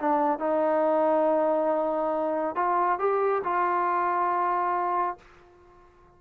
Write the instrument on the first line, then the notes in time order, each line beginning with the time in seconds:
trombone
0.00 D4
0.39 D#4
2.56 F4
2.99 G4
3.44 F4